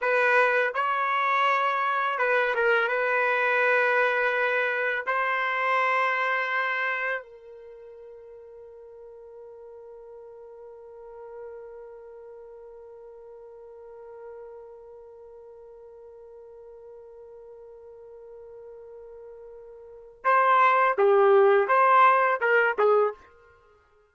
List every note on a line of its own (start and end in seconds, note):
0.01 0.73 B4
0.74 2.18 C#5
2.18 2.54 B4
2.54 2.88 A#4
2.88 5.04 B4
5.06 7.23 C5
7.23 20.24 A#4
20.24 20.96 C5
20.98 21.67 G4
21.67 22.40 C5
22.40 22.76 A#4
22.78 23.14 G#4